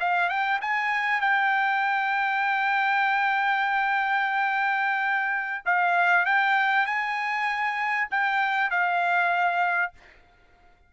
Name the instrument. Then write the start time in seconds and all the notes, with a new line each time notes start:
trumpet
0.00 F5
0.29 G5
0.62 G#5
1.21 G5
5.66 F5
6.26 G5
6.86 G#5
8.11 G5
8.71 F5